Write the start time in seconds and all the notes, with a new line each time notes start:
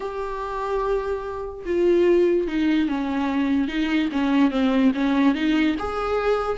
0.00 G4
1.65 F4
2.47 D#4
2.88 C#4
3.68 D#4
4.12 C#4
4.50 C4
4.94 C#4
5.34 D#4
5.78 G#4